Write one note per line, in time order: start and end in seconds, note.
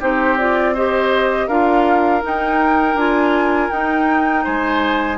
0.00 1.48 C4
0.00 0.37 D#4
0.00 0.74 G4
0.00 0.38 C5
0.38 0.76 F4
0.38 0.75 D5
0.74 1.50 G4
0.74 1.48 C5
0.74 1.48 D#5
1.48 2.22 D4
1.48 2.21 F4
1.48 4.44 A#4
1.48 2.23 F5
2.21 2.96 D#4
2.21 2.95 D#4
2.21 2.98 G5
2.95 3.69 D4
2.95 3.71 F4
2.95 3.70 G#5
3.70 5.18 D#4
3.70 4.45 D#4
3.70 4.44 G5
4.44 5.18 G#3
4.44 5.18 C5
4.44 5.18 G#5